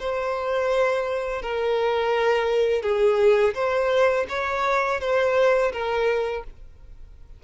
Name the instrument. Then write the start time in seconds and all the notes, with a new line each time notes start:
violin
0.00 C5
1.43 A#4
2.83 G#4
3.55 C5
4.29 C#5
5.01 C5
5.73 A#4